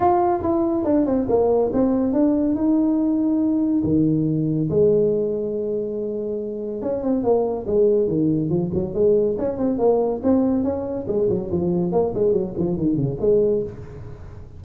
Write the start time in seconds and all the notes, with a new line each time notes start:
0.00 F4
0.42 E4
0.84 D4
1.06 C4
1.28 A#3
1.73 C4
2.12 D4
2.55 D#4
3.83 D#3
4.69 G#3
6.82 C#4
7.03 C4
7.23 A#3
7.66 G#3
8.07 D#3
8.49 F3
8.73 F#3
8.94 G#3
9.38 C#4
9.57 C4
9.78 A#3
10.23 C4
10.63 C#4
11.07 G#3
11.29 F#3
11.51 F3
11.92 A#3
12.14 G#3
12.32 F#3
12.57 F3
12.77 D#3
12.96 C#3
13.20 G#3